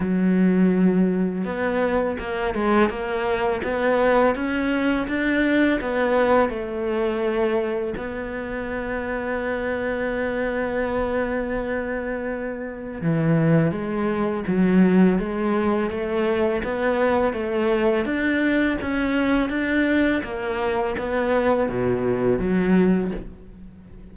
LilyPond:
\new Staff \with { instrumentName = "cello" } { \time 4/4 \tempo 4 = 83 fis2 b4 ais8 gis8 | ais4 b4 cis'4 d'4 | b4 a2 b4~ | b1~ |
b2 e4 gis4 | fis4 gis4 a4 b4 | a4 d'4 cis'4 d'4 | ais4 b4 b,4 fis4 | }